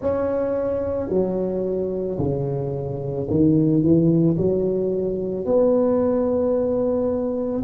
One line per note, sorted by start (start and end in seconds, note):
0.00 1.09 C#4
1.09 2.18 F#3
2.18 3.27 C#3
3.30 3.82 D#3
3.82 4.36 E3
4.37 5.45 F#3
5.45 7.63 B3